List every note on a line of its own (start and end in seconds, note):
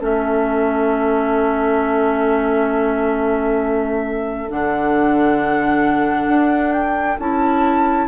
0.00 4.49 A3
0.00 4.48 C#4
0.00 8.07 A4
0.00 4.51 E5
4.49 6.28 D3
4.49 7.18 D4
4.49 6.73 F#5
6.28 7.18 D4
6.73 7.18 G5
7.19 8.08 C#4
7.19 8.08 E4
7.19 8.08 A5